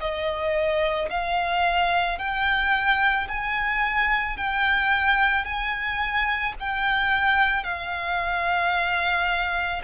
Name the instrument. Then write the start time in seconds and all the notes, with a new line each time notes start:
violin
0.00 D#5
1.10 F5
2.19 G5
3.28 G#5
4.37 G5
5.44 G#5
6.60 G5
7.64 F5